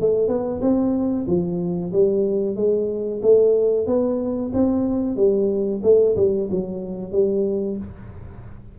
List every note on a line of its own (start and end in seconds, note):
0.00 0.28 A3
0.28 0.60 B3
0.61 1.26 C4
1.27 1.92 F3
1.93 2.56 G3
2.56 3.21 G#3
3.22 3.86 A3
3.86 4.51 B3
4.53 5.16 C4
5.16 5.81 G3
5.83 6.15 A3
6.16 6.49 G3
6.50 7.11 F#3
7.11 7.77 G3